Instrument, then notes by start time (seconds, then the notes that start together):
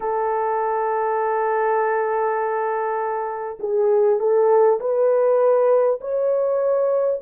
horn
0.00 A4
3.59 G#4
4.19 A4
4.79 B4
6.00 C#5